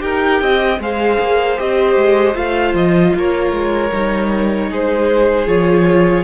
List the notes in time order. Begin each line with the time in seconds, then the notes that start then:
0.00 D#4 G4 A#4 G5
0.41 C4 D#5
0.79 G#3 G#4 C5 F5
1.19 A#3
1.58 C4 G4 D#5
1.97 G#3
2.34 A3 F4 F5
2.75 F3 D#5
3.16 A#3 A#4 C#5
3.52 G#3
3.93 G3 D#4
4.70 G#3 G#4 C5
5.47 F3 F4 C#5